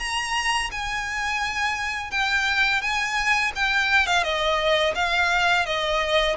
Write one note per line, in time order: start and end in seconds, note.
0.00 0.71 A#5
0.72 2.12 G#5
2.12 2.82 G5
2.82 3.52 G#5
3.56 4.07 G5
4.07 4.24 F5
4.24 4.94 D#5
4.95 5.66 F5
5.66 6.37 D#5